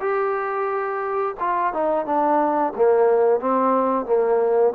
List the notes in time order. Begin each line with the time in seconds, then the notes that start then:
0.00 G4
1.40 F4
1.73 D#4
2.05 D4
2.76 A#3
3.40 C4
4.06 A#3